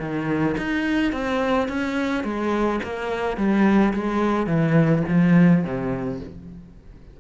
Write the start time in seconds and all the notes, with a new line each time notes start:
0.00 D#3
0.58 D#4
1.13 C4
1.68 C#4
2.24 G#3
2.84 A#3
3.37 G3
3.94 G#3
4.47 E3
5.08 F3
5.64 C3